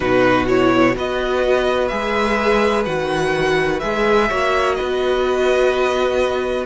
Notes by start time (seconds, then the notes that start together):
0.00 B2 D#4 F#4 B4
0.47 E4 C#5
0.95 B3 F#4 B4 D#5
1.88 G#3 G#4 E5
2.85 D#3 F#4 F#5
3.79 G#3 G#4 E5
4.28 A#3 F#4 C#5
4.74 B3 B4 D#5